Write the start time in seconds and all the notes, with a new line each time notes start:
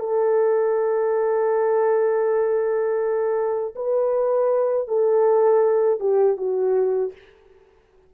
0.00 A4
3.76 B4
4.88 A4
6.00 G4
6.38 F#4